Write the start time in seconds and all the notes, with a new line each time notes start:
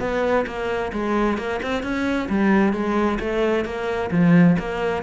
0.00 B3
0.46 A#3
0.93 G#3
1.38 A#3
1.63 C4
1.83 C#4
2.29 G3
2.73 G#3
3.20 A3
3.65 A#3
4.11 F3
4.59 A#3